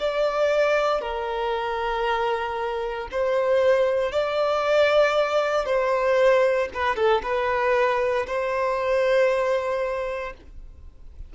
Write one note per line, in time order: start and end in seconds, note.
0.00 1.02 D5
1.02 3.08 A#4
3.12 4.12 C5
4.12 5.66 D5
5.66 6.69 C5
6.74 6.96 B4
6.96 7.22 A4
7.23 8.27 B4
8.27 10.34 C5